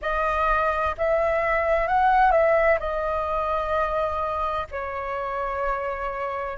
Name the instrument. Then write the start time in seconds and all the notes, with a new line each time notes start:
flute
0.01 D#5
0.97 E5
1.87 F#5
2.31 E5
2.79 D#5
4.71 C#5